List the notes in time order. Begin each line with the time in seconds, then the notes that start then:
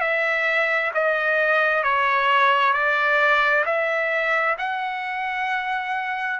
0.00 E5
0.94 D#5
1.83 C#5
2.73 D5
3.65 E5
4.58 F#5